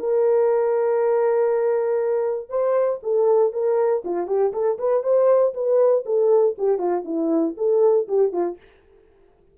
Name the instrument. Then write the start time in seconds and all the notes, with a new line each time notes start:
horn
0.00 A#4
2.50 C5
3.03 A4
3.53 A#4
4.05 F4
4.28 G4
4.53 A4
4.79 B4
5.03 C5
5.55 B4
6.06 A4
6.58 G4
6.79 F4
7.05 E4
7.57 A4
8.08 G4
8.33 F4